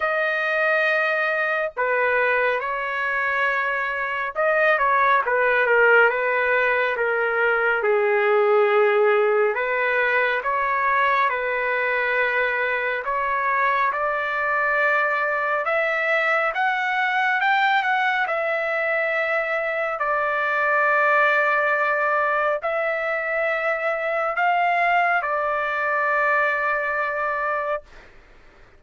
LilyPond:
\new Staff \with { instrumentName = "trumpet" } { \time 4/4 \tempo 4 = 69 dis''2 b'4 cis''4~ | cis''4 dis''8 cis''8 b'8 ais'8 b'4 | ais'4 gis'2 b'4 | cis''4 b'2 cis''4 |
d''2 e''4 fis''4 | g''8 fis''8 e''2 d''4~ | d''2 e''2 | f''4 d''2. | }